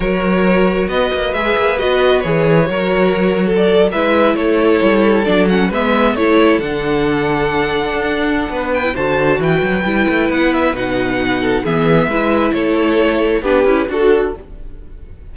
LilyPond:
<<
  \new Staff \with { instrumentName = "violin" } { \time 4/4 \tempo 4 = 134 cis''2 dis''4 e''4 | dis''4 cis''2. | d''8. e''4 cis''2 d''16~ | d''16 fis''8 e''4 cis''4 fis''4~ fis''16~ |
fis''2.~ fis''8 g''8 | a''4 g''2 fis''8 e''8 | fis''2 e''2 | cis''2 b'4 a'4 | }
  \new Staff \with { instrumentName = "violin" } { \time 4/4 ais'2 b'2~ | b'2 ais'4.~ ais'16 a'16~ | a'8. b'4 a'2~ a'16~ | a'8. b'4 a'2~ a'16~ |
a'2. b'4 | c''4 b'2.~ | b'4. a'8 gis'4 b'4 | a'2 g'4 fis'4 | }
  \new Staff \with { instrumentName = "viola" } { \time 4/4 fis'2. gis'4 | fis'4 gis'4 fis'2~ | fis'8. e'2. d'16~ | d'16 cis'8 b4 e'4 d'4~ d'16~ |
d'2.~ d'8. e'16 | fis'2 e'2 | dis'2 b4 e'4~ | e'2 d'8 e'8 fis'4 | }
  \new Staff \with { instrumentName = "cello" } { \time 4/4 fis2 b8 ais8 gis8 ais8 | b4 e4 fis2~ | fis8. gis4 a4 g4 fis16~ | fis8. gis4 a4 d4~ d16~ |
d4.~ d16 d'4~ d'16 b4 | d4 e8 fis8 g8 a8 b4 | b,2 e4 gis4 | a2 b8 cis'8 d'4 | }
>>